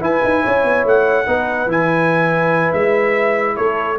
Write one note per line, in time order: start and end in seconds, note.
0.00 1.25 E4
0.00 0.21 E4
0.00 0.43 B4
0.00 0.87 G#5
0.23 0.44 D#4
0.43 0.64 C#4
0.43 1.26 C#5
0.64 0.84 B3
0.84 1.26 A3
0.84 1.71 F#5
1.26 1.66 B3
1.26 1.68 D#4
1.26 3.56 B4
1.66 2.70 E3
1.66 3.97 E4
1.66 2.73 G#5
2.73 3.57 G#3
2.73 3.56 E5
3.56 3.98 A3
3.56 3.97 A4
3.56 3.98 C#5